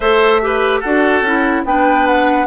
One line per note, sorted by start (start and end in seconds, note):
0.00 0.82 A3
0.00 0.41 A4
0.00 0.41 C5
0.00 0.80 E5
0.41 0.83 G4
0.41 0.80 B4
0.80 1.21 D4
0.80 1.25 F#4
0.80 1.62 A4
0.80 1.63 F#5
1.21 1.62 C#4
1.21 1.66 E4
1.64 2.46 B3
1.64 2.46 D4
1.64 2.46 B4
1.64 2.06 G5
2.06 2.46 F#5